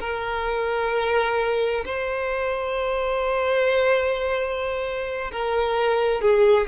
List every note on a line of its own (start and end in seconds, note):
0.00 1.85 A#4
1.85 5.32 C5
5.32 6.21 A#4
6.21 6.68 G#4